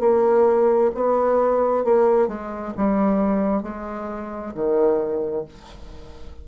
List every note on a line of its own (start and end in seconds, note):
0.00 0.91 A#3
0.95 1.84 B3
1.84 2.28 A#3
2.28 2.74 G#3
2.77 3.63 G3
3.63 4.54 G#3
4.54 5.45 D#3